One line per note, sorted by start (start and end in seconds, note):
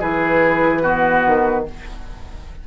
0.00 1.24 E3
0.00 0.83 E4
0.00 0.82 G#4
0.00 1.66 B4
0.82 1.65 B3
0.82 1.65 F#4
1.26 1.67 D#3